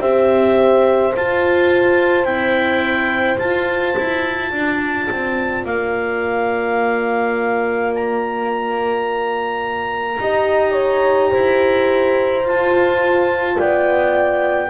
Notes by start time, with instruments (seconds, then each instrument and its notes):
0.00 double bass C4, horn G4 C5, clarinet E5
1.16 horn F4, double bass F4, clarinet A5
2.25 horn C4, double bass E4, clarinet G5
3.37 horn F4, double bass F4, clarinet A5
3.98 double bass E4
4.51 double bass D4, horn D5
5.11 double bass C4
5.65 double bass A#3, clarinet F5
7.95 clarinet A#5
10.20 double bass D#4, horn G4 D#5
10.73 horn C#5
11.30 double bass E4, horn C5
12.44 double bass F4, horn F4, clarinet A5
13.59 double bass B3, horn D5, clarinet G5